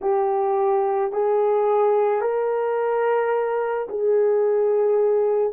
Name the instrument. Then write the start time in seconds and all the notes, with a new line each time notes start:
horn
0.01 G4
1.12 G#4
2.21 A#4
3.89 G#4